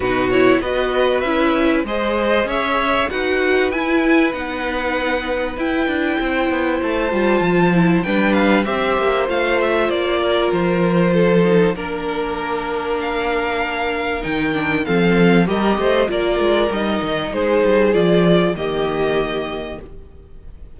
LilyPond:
<<
  \new Staff \with { instrumentName = "violin" } { \time 4/4 \tempo 4 = 97 b'8 cis''8 dis''4 e''4 dis''4 | e''4 fis''4 gis''4 fis''4~ | fis''4 g''2 a''4~ | a''4 g''8 f''8 e''4 f''8 e''8 |
d''4 c''2 ais'4~ | ais'4 f''2 g''4 | f''4 dis''4 d''4 dis''4 | c''4 d''4 dis''2 | }
  \new Staff \with { instrumentName = "violin" } { \time 4/4 fis'4 b'2 c''4 | cis''4 b'2.~ | b'2 c''2~ | c''4 b'4 c''2~ |
c''8 ais'4. a'4 ais'4~ | ais'1 | a'4 ais'8 c''8 ais'2 | gis'2 g'2 | }
  \new Staff \with { instrumentName = "viola" } { \time 4/4 dis'8 e'8 fis'4 e'4 gis'4~ | gis'4 fis'4 e'4 dis'4~ | dis'4 e'2~ e'8 f'8~ | f'8 e'8 d'4 g'4 f'4~ |
f'2~ f'8 dis'8 d'4~ | d'2. dis'8 d'8 | c'4 g'4 f'4 dis'4~ | dis'4 f'4 ais2 | }
  \new Staff \with { instrumentName = "cello" } { \time 4/4 b,4 b4 cis'4 gis4 | cis'4 dis'4 e'4 b4~ | b4 e'8 d'8 c'8 b8 a8 g8 | f4 g4 c'8 ais8 a4 |
ais4 f2 ais4~ | ais2. dis4 | f4 g8 a8 ais8 gis8 g8 dis8 | gis8 g8 f4 dis2 | }
>>